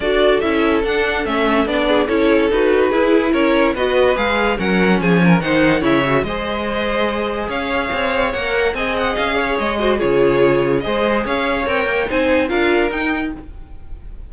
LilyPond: <<
  \new Staff \with { instrumentName = "violin" } { \time 4/4 \tempo 4 = 144 d''4 e''4 fis''4 e''4 | d''4 cis''4 b'2 | cis''4 dis''4 f''4 fis''4 | gis''4 fis''4 e''4 dis''4~ |
dis''2 f''2 | fis''4 gis''8 fis''8 f''4 dis''4 | cis''2 dis''4 f''4 | g''4 gis''4 f''4 g''4 | }
  \new Staff \with { instrumentName = "violin" } { \time 4/4 a'1~ | a'8 gis'8 a'2 gis'4 | ais'4 b'2 ais'4 | gis'8 ais'8 c''4 cis''4 c''4~ |
c''2 cis''2~ | cis''4 dis''4. cis''4 c''8 | gis'2 c''4 cis''4~ | cis''4 c''4 ais'2 | }
  \new Staff \with { instrumentName = "viola" } { \time 4/4 fis'4 e'4 d'4 cis'4 | d'4 e'4 fis'4 e'4~ | e'4 fis'4 gis'4 cis'4~ | cis'4 dis'4 e'8 fis'8 gis'4~ |
gis'1 | ais'4 gis'2~ gis'8 fis'8 | f'2 gis'2 | ais'4 dis'4 f'4 dis'4 | }
  \new Staff \with { instrumentName = "cello" } { \time 4/4 d'4 cis'4 d'4 a4 | b4 cis'4 dis'4 e'4 | cis'4 b4 gis4 fis4 | f4 dis4 cis4 gis4~ |
gis2 cis'4 c'4 | ais4 c'4 cis'4 gis4 | cis2 gis4 cis'4 | c'8 ais8 c'4 d'4 dis'4 | }
>>